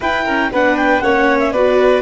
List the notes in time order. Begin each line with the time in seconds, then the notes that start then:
0.00 E4 B4 G5
0.24 C#4 A#4
0.51 B3 D4 B4 F#5
0.76 G5
1.00 A#3 C#4 C#5 F#5
1.39 E5
1.51 B3 F#4 B4 D5